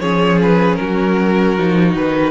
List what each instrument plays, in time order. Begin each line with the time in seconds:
0.00 cello F3, viola C#4, violin G#4 C#5
0.43 violin B4
0.76 cello F#3, violin F#4 A#4
1.58 cello F3, viola D#4
1.95 cello D#3, violin B4